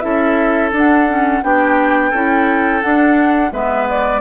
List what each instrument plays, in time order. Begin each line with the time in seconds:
0.00 bassoon C#4, clarinet E4, oboe A4, flute E5
0.72 bassoon D4, clarinet D4, flute F#5
1.09 clarinet C#4
1.43 bassoon B3, clarinet D4, oboe G4, flute G5
2.11 bassoon C#4, clarinet E4, oboe A4
2.82 clarinet D4, bassoon D4, flute F#5
3.52 bassoon G#3, clarinet B3, oboe B4, flute E5
3.90 flute D5